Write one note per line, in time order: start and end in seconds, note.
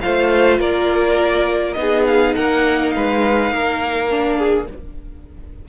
0.00 0.59 A3
0.00 1.75 F4
0.00 0.60 C5
0.00 0.58 F5
0.59 1.75 A#3
0.59 1.76 A#4
0.59 1.73 D5
1.73 2.34 B3
1.73 4.08 D#4
1.73 2.02 D#5
1.80 2.35 G#4
2.07 2.34 F5
2.34 2.95 A#3
2.34 2.93 A#4
2.34 2.90 F#5
2.90 3.50 G#3
2.90 3.53 B4
2.90 4.65 F5
3.50 4.67 A#3
3.50 4.37 A#4
4.10 4.68 D4
4.37 4.66 G#4